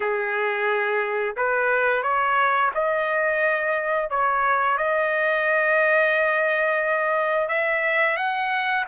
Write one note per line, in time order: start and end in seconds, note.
0.00 1.36 G#4
1.36 2.02 B4
2.02 2.71 C#5
2.74 4.09 D#5
4.09 4.77 C#5
4.77 7.48 D#5
7.48 8.16 E5
8.16 8.85 F#5